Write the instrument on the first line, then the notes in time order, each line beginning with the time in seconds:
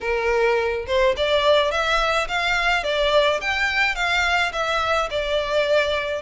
violin
0.01 A#4
0.86 C5
1.16 D5
1.71 E5
2.27 F5
2.83 D5
3.40 G5
3.95 F5
4.52 E5
5.10 D5